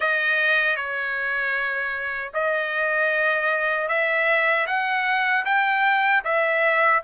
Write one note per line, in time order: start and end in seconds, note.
0.00 0.76 D#5
0.76 2.32 C#5
2.33 3.88 D#5
3.88 4.66 E5
4.66 5.44 F#5
5.45 6.23 G5
6.24 7.02 E5